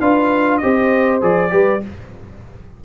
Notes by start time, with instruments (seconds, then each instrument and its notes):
0.00 tuba D4, trombone F4, horn B4, trumpet F5
0.57 tuba C4, trombone G4, horn C5, trumpet D#5
1.21 tuba F3, trombone G#4, trumpet D5
1.50 tuba G3, trombone G4, horn B4